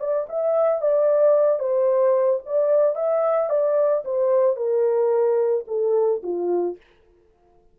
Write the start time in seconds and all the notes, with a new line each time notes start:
0.00 D5
0.29 E5
0.82 D5
1.59 C5
2.46 D5
2.96 E5
3.50 D5
4.05 C5
4.57 A#4
5.68 A4
6.23 F4